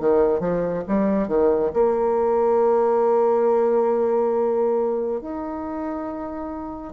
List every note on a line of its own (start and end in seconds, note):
0.00 0.40 D#3
0.40 0.84 F3
0.88 1.28 G3
1.28 1.72 D#3
1.74 5.21 A#3
5.21 6.93 D#4